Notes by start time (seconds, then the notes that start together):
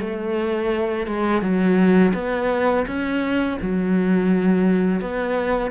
0.00 A3
1.07 G#3
1.41 F#3
2.14 B3
2.87 C#4
3.62 F#3
5.01 B3